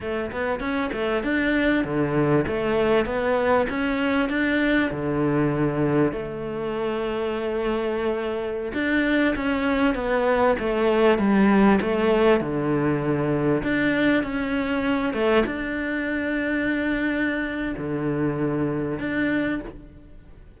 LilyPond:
\new Staff \with { instrumentName = "cello" } { \time 4/4 \tempo 4 = 98 a8 b8 cis'8 a8 d'4 d4 | a4 b4 cis'4 d'4 | d2 a2~ | a2~ a16 d'4 cis'8.~ |
cis'16 b4 a4 g4 a8.~ | a16 d2 d'4 cis'8.~ | cis'8. a8 d'2~ d'8.~ | d'4 d2 d'4 | }